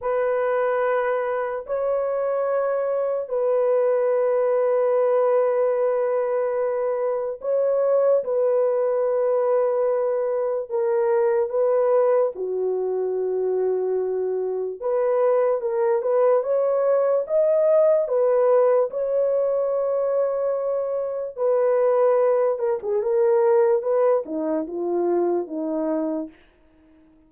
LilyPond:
\new Staff \with { instrumentName = "horn" } { \time 4/4 \tempo 4 = 73 b'2 cis''2 | b'1~ | b'4 cis''4 b'2~ | b'4 ais'4 b'4 fis'4~ |
fis'2 b'4 ais'8 b'8 | cis''4 dis''4 b'4 cis''4~ | cis''2 b'4. ais'16 gis'16 | ais'4 b'8 dis'8 f'4 dis'4 | }